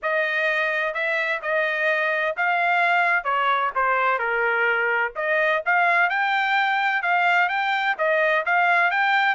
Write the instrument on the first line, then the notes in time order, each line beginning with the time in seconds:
trumpet
0.02 D#5
0.94 E5
1.41 D#5
2.37 F5
3.23 C#5
3.75 C5
4.18 A#4
5.15 D#5
5.65 F5
6.09 G5
7.02 F5
7.49 G5
7.98 D#5
8.45 F5
8.90 G5